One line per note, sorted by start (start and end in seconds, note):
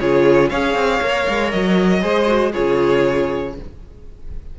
0.00 0.51 C#3
0.00 0.52 F4
0.00 0.50 G#4
0.00 0.49 C#5
0.49 0.74 C#4
0.49 1.03 G#4
0.49 2.02 C#5
0.49 1.51 F5
0.74 1.00 C4
1.01 1.27 A#3
1.01 2.01 A#4
1.29 1.53 G#3
1.51 2.03 F#3
1.51 2.52 D#5
2.01 2.54 G#3
2.01 2.26 G#4
2.01 2.52 C5
2.27 2.52 F#4
2.52 3.59 C#3
2.52 3.53 F4
2.52 3.54 G#4
2.52 3.55 C#5